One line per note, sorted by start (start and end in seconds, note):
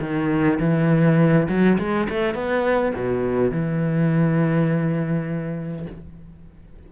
0.00 0.59 D#3
0.59 1.47 E3
1.48 1.78 F#3
1.78 2.07 G#3
2.09 2.34 A3
2.34 2.93 B3
2.95 3.51 B2
3.51 5.86 E3